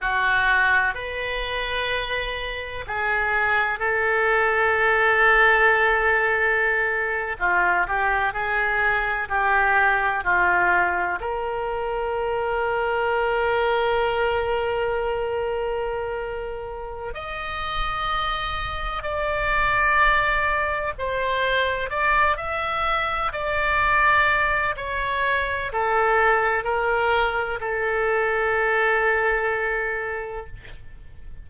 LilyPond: \new Staff \with { instrumentName = "oboe" } { \time 4/4 \tempo 4 = 63 fis'4 b'2 gis'4 | a'2.~ a'8. f'16~ | f'16 g'8 gis'4 g'4 f'4 ais'16~ | ais'1~ |
ais'2 dis''2 | d''2 c''4 d''8 e''8~ | e''8 d''4. cis''4 a'4 | ais'4 a'2. | }